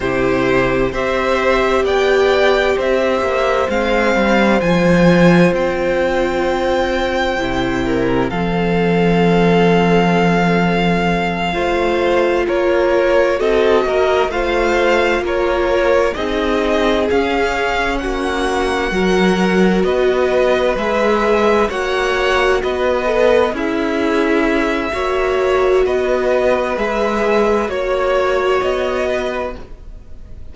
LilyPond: <<
  \new Staff \with { instrumentName = "violin" } { \time 4/4 \tempo 4 = 65 c''4 e''4 g''4 e''4 | f''4 gis''4 g''2~ | g''4 f''2.~ | f''4. cis''4 dis''4 f''8~ |
f''8 cis''4 dis''4 f''4 fis''8~ | fis''4. dis''4 e''4 fis''8~ | fis''8 dis''4 e''2~ e''8 | dis''4 e''4 cis''4 dis''4 | }
  \new Staff \with { instrumentName = "violin" } { \time 4/4 g'4 c''4 d''4 c''4~ | c''1~ | c''8 ais'8 a'2.~ | a'8 c''4 ais'4 a'8 ais'8 c''8~ |
c''8 ais'4 gis'2 fis'8~ | fis'8 ais'4 b'2 cis''8~ | cis''8 b'4 e'4. cis''4 | b'2 cis''4. b'8 | }
  \new Staff \with { instrumentName = "viola" } { \time 4/4 e'4 g'2. | c'4 f'2. | e'4 c'2.~ | c'8 f'2 fis'4 f'8~ |
f'4. dis'4 cis'4.~ | cis'8 fis'2 gis'4 fis'8~ | fis'4 a'8 gis'4. fis'4~ | fis'4 gis'4 fis'2 | }
  \new Staff \with { instrumentName = "cello" } { \time 4/4 c4 c'4 b4 c'8 ais8 | gis8 g8 f4 c'2 | c4 f2.~ | f8 a4 ais4 c'8 ais8 a8~ |
a8 ais4 c'4 cis'4 ais8~ | ais8 fis4 b4 gis4 ais8~ | ais8 b4 cis'4. ais4 | b4 gis4 ais4 b4 | }
>>